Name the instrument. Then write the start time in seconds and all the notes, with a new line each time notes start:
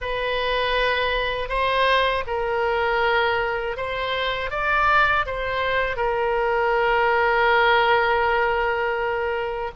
oboe
0.01 B4
1.48 C5
2.27 A#4
3.76 C5
4.50 D5
5.26 C5
5.96 A#4